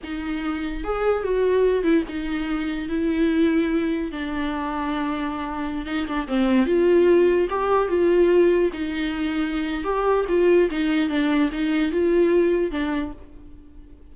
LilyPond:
\new Staff \with { instrumentName = "viola" } { \time 4/4 \tempo 4 = 146 dis'2 gis'4 fis'4~ | fis'8 e'8 dis'2 e'4~ | e'2 d'2~ | d'2~ d'16 dis'8 d'8 c'8.~ |
c'16 f'2 g'4 f'8.~ | f'4~ f'16 dis'2~ dis'8. | g'4 f'4 dis'4 d'4 | dis'4 f'2 d'4 | }